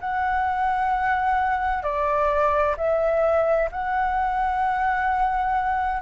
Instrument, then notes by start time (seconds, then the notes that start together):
flute
0.00 F#5
1.83 D5
2.77 E5
3.71 F#5